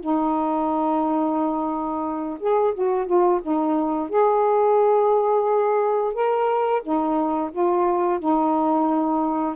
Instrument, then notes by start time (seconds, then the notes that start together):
saxophone
0.00 D#4
2.39 G#4
2.74 F#4
3.06 F4
3.42 D#4
4.09 G#4
6.14 A#4
6.82 D#4
7.52 F4
8.19 D#4